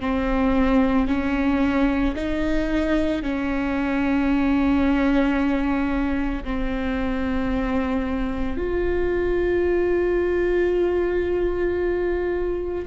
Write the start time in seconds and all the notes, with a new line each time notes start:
0.00 C4
1.07 C#4
2.15 D#4
3.22 C#4
6.43 C4
8.57 F4